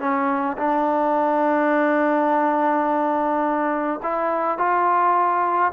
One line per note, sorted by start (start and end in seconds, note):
0.00 0.57 C#4
0.58 4.01 D4
4.03 4.58 E4
4.58 5.72 F4